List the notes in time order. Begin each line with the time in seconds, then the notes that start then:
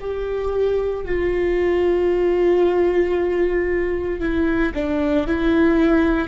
0.00 G4
1.05 F4
4.20 E4
4.74 D4
5.27 E4